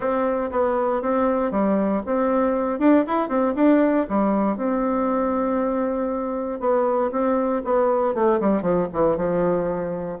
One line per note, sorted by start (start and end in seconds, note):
0.00 0.50 C4
0.51 1.01 B3
1.01 1.51 C4
1.51 2.02 G3
2.06 2.79 C4
2.79 3.04 D4
3.06 3.28 E4
3.28 3.54 C4
3.55 4.06 D4
4.09 4.56 G3
4.56 6.60 C4
6.60 7.10 B3
7.11 7.62 C4
7.64 8.14 B3
8.14 8.40 A3
8.40 8.62 G3
8.62 8.87 F3
8.93 9.16 E3
9.16 10.18 F3